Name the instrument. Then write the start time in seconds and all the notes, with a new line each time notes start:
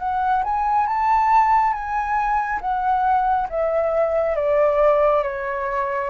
flute
0.00 F#5
0.44 G#5
0.87 A5
1.74 G#5
2.61 F#5
3.50 E5
4.36 D5
5.24 C#5